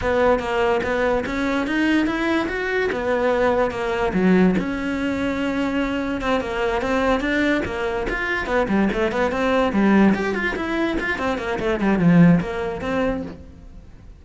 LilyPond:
\new Staff \with { instrumentName = "cello" } { \time 4/4 \tempo 4 = 145 b4 ais4 b4 cis'4 | dis'4 e'4 fis'4 b4~ | b4 ais4 fis4 cis'4~ | cis'2. c'8 ais8~ |
ais8 c'4 d'4 ais4 f'8~ | f'8 b8 g8 a8 b8 c'4 g8~ | g8 g'8 f'8 e'4 f'8 c'8 ais8 | a8 g8 f4 ais4 c'4 | }